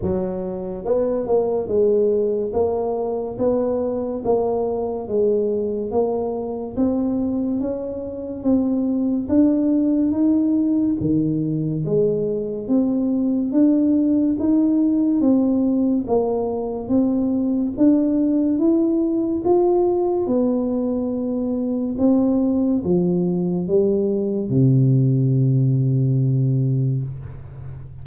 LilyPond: \new Staff \with { instrumentName = "tuba" } { \time 4/4 \tempo 4 = 71 fis4 b8 ais8 gis4 ais4 | b4 ais4 gis4 ais4 | c'4 cis'4 c'4 d'4 | dis'4 dis4 gis4 c'4 |
d'4 dis'4 c'4 ais4 | c'4 d'4 e'4 f'4 | b2 c'4 f4 | g4 c2. | }